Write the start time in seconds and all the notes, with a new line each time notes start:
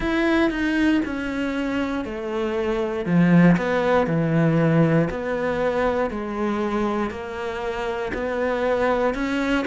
0.00 E4
0.50 D#4
1.04 C#4
2.04 A3
3.05 F3
3.57 B3
4.07 E3
5.10 B3
6.10 G#3
7.10 A#3
8.13 B3
9.14 C#4